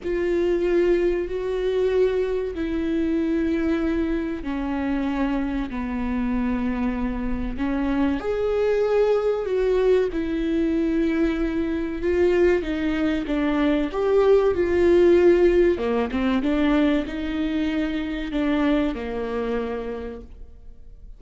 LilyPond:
\new Staff \with { instrumentName = "viola" } { \time 4/4 \tempo 4 = 95 f'2 fis'2 | e'2. cis'4~ | cis'4 b2. | cis'4 gis'2 fis'4 |
e'2. f'4 | dis'4 d'4 g'4 f'4~ | f'4 ais8 c'8 d'4 dis'4~ | dis'4 d'4 ais2 | }